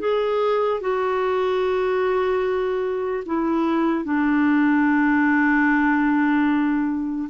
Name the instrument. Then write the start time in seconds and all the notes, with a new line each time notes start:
clarinet
0.00 G#4
0.81 F#4
3.27 E4
4.05 D4